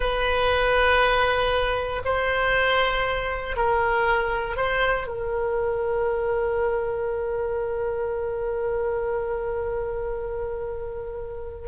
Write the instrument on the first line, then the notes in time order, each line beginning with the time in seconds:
oboe
0.00 B4
2.05 C5
3.56 A#4
4.56 C5
5.07 A#4